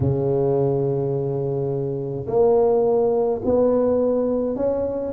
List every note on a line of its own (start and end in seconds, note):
0.00 2.26 C#3
2.27 3.41 A#3
3.44 4.56 B3
4.56 5.12 C#4